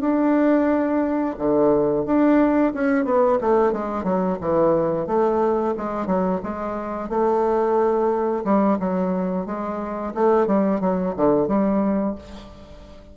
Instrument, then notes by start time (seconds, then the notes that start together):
bassoon
0.00 D4
1.38 D3
2.05 D4
2.74 C#4
3.05 B3
3.40 A3
3.72 G#3
4.03 F#3
4.41 E3
5.07 A3
5.77 G#3
6.06 F#3
6.43 G#3
7.09 A3
8.44 G3
8.79 F#3
9.46 G#3
10.14 A3
10.46 G3
10.80 F#3
11.16 D3
11.47 G3